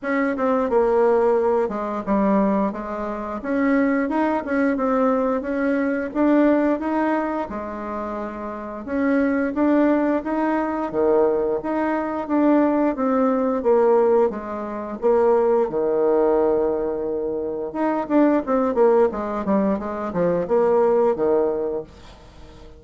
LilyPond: \new Staff \with { instrumentName = "bassoon" } { \time 4/4 \tempo 4 = 88 cis'8 c'8 ais4. gis8 g4 | gis4 cis'4 dis'8 cis'8 c'4 | cis'4 d'4 dis'4 gis4~ | gis4 cis'4 d'4 dis'4 |
dis4 dis'4 d'4 c'4 | ais4 gis4 ais4 dis4~ | dis2 dis'8 d'8 c'8 ais8 | gis8 g8 gis8 f8 ais4 dis4 | }